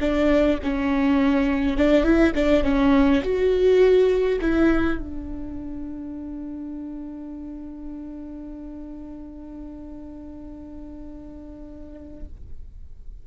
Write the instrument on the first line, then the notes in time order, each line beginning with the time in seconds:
viola
0.00 D4
0.63 C#4
1.77 D4
2.03 E4
2.34 D4
2.63 C#4
3.23 F#4
4.41 E4
4.98 D4